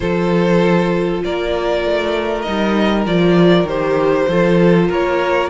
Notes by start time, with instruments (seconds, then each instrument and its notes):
0.00 cello F3, viola F4, violin A4 C5
1.24 cello A#3, violin A#4 D5
1.85 cello A3
2.41 cello G3, viola D#4, violin D#5
3.05 cello F3, viola F4, violin D5
3.63 cello D#3, viola G4, violin C5
4.28 cello F3, viola F4, violin A4
4.88 cello A#3, violin A#4 C#5